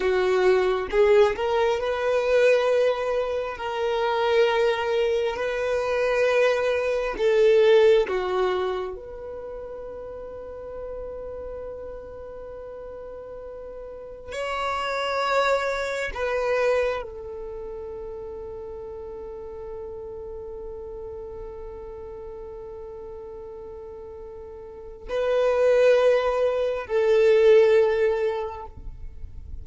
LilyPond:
\new Staff \with { instrumentName = "violin" } { \time 4/4 \tempo 4 = 67 fis'4 gis'8 ais'8 b'2 | ais'2 b'2 | a'4 fis'4 b'2~ | b'1 |
cis''2 b'4 a'4~ | a'1~ | a'1 | b'2 a'2 | }